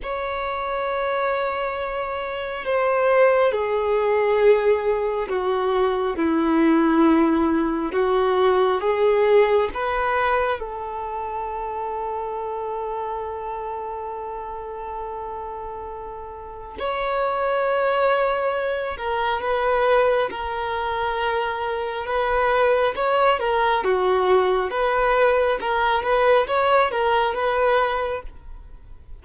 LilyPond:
\new Staff \with { instrumentName = "violin" } { \time 4/4 \tempo 4 = 68 cis''2. c''4 | gis'2 fis'4 e'4~ | e'4 fis'4 gis'4 b'4 | a'1~ |
a'2. cis''4~ | cis''4. ais'8 b'4 ais'4~ | ais'4 b'4 cis''8 ais'8 fis'4 | b'4 ais'8 b'8 cis''8 ais'8 b'4 | }